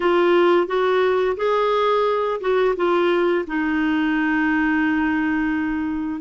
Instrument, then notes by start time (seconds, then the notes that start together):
clarinet
0.00 F4
0.67 F#4
1.36 G#4
2.40 F#4
2.76 F4
3.47 D#4